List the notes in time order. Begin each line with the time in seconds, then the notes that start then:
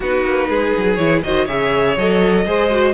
0.00 B3 D#4 F#4 B4
0.24 A#3
0.48 G#3 G#4
0.77 F#3
0.95 E3 E4 C#5
1.23 D#3 F#4 C5 D#5
1.45 C#3 G#4 C#5 E5
1.97 F#3 A4 D#5
2.45 G#3 G#4 C5
2.70 F#4